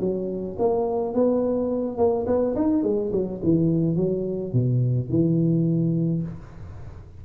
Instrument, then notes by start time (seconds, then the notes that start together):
tuba
0.00 F#3
0.59 A#3
1.14 B3
1.97 A#3
2.26 B3
2.55 D#4
2.83 G#3
3.12 F#3
3.43 E3
3.96 F#3
4.53 B2
5.09 E3